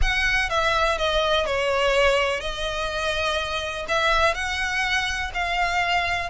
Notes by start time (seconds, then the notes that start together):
0.01 F#5
0.49 E5
0.97 D#5
1.46 C#5
2.40 D#5
3.88 E5
4.34 F#5
5.34 F5